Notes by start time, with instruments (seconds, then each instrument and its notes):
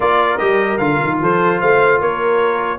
0.00 tuba A#3, trombone F4, horn A#4, trumpet D5
0.37 tuba G3, trombone G4, trumpet D#5
0.77 tuba D3, trombone F4, trumpet F5
1.03 tuba D#3
1.21 tuba F3, horn A4, trumpet C5
1.60 tuba A3, horn C5, trumpet F5
2.00 tuba A#3, horn A#4, trumpet C#5